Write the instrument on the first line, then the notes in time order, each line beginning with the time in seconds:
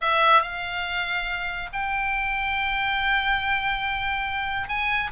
oboe
0.01 E5
0.42 F5
1.73 G5
4.68 G#5